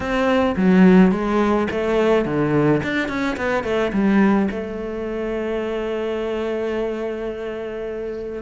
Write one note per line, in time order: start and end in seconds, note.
0.00 0.55 C4
0.56 1.11 F#3
1.11 1.67 G#3
1.70 2.25 A3
2.25 2.81 D3
2.83 3.08 D4
3.08 3.36 C#4
3.36 3.63 B3
3.63 3.91 A3
3.93 4.49 G3
4.51 8.42 A3